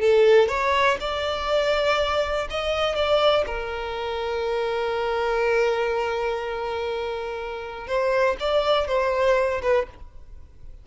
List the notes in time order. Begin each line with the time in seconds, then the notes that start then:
0.00 A4
0.48 C#5
1.00 D5
2.50 D#5
2.95 D5
3.46 A#4
7.87 C5
8.40 D5
8.87 C5
9.62 B4